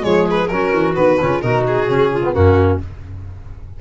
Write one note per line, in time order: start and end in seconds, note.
0.00 0.49 F3
0.00 0.46 G#3
0.00 0.51 G#4
0.00 0.26 C#5
0.30 0.47 B4
0.47 0.72 F#3
0.47 0.94 C#4
0.47 1.20 F#4
0.47 0.93 A#4
0.73 0.96 E3
0.94 1.20 D#3
0.94 1.17 B3
0.94 1.41 B4
1.21 1.43 C#3
1.21 1.42 C#4
1.21 1.42 F4
1.41 1.88 B2
1.41 1.87 D#4
1.41 2.11 F#4
1.41 1.64 A#4
1.66 2.34 G#4
1.87 2.34 C#3
1.87 2.22 C#4
2.11 2.33 F4
2.24 2.33 B3
2.33 2.80 F#2
2.33 2.78 A#3
2.33 2.79 C#4
2.33 2.79 F#4